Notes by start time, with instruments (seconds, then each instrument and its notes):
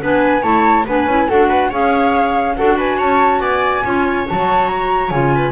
0.00 double bass B3, clarinet D4, viola B4, flute G#5
0.41 double bass A3, clarinet E4, viola C#5, flute A5
0.86 double bass B3, clarinet D4, viola B4, flute G#5
1.06 double bass C#4, clarinet E4
1.29 double bass D4, clarinet F#4, viola A4, flute F#5
1.49 viola B4
1.69 double bass C#4, clarinet G#4, viola C#5, flute F5
2.56 double bass D4, clarinet F#4, viola A4, flute F#5
2.77 viola B4, flute G#5
2.98 double bass C#4, viola C#5, flute A5
3.40 double bass B3, viola D5, flute G#5
3.84 double bass C#4, clarinet F4, viola C#5
4.28 double bass F#3, clarinet F#4, flute A5
4.68 flute A#5
5.09 double bass C#3, clarinet F4, flute G#5
5.35 viola B4